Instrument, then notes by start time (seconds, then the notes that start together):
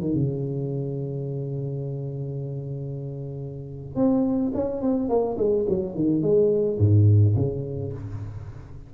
tuba
0.00 D#3
0.14 C#3
3.95 C4
4.54 C#4
4.81 C4
5.09 A#3
5.37 G#3
5.69 F#3
5.95 D#3
6.21 G#3
6.78 G#2
7.36 C#3